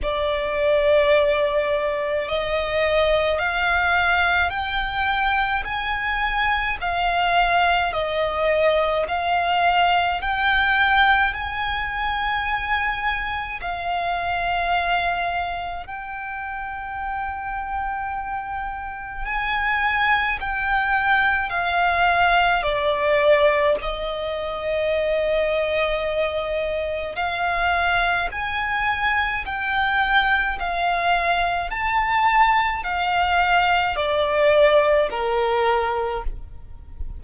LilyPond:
\new Staff \with { instrumentName = "violin" } { \time 4/4 \tempo 4 = 53 d''2 dis''4 f''4 | g''4 gis''4 f''4 dis''4 | f''4 g''4 gis''2 | f''2 g''2~ |
g''4 gis''4 g''4 f''4 | d''4 dis''2. | f''4 gis''4 g''4 f''4 | a''4 f''4 d''4 ais'4 | }